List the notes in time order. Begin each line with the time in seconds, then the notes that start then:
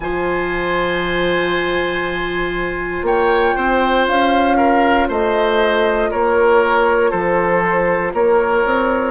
0.00 F3 F4 C5 G#5
3.02 A#3 C#5 G5
3.56 C4 C5
4.07 C#4 F5
4.56 A#4
5.08 A3 C5 D#5
6.10 A#3 A#4 C#5
7.10 F3 A4 C5
8.13 A#3 A#4 C#5
8.65 C4